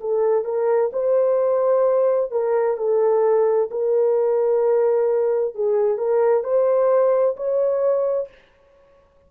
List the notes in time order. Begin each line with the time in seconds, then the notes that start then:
0.00 A4
0.44 A#4
0.93 C5
2.31 A#4
2.77 A4
3.70 A#4
5.55 G#4
5.97 A#4
6.43 C5
7.36 C#5